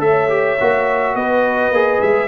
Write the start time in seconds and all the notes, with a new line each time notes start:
0.00 A3 A4 C#5 E5
0.29 G4
0.60 A#3 F#4
1.15 B3 B4 D#5
1.71 A#3 G#4
2.01 G#3 E5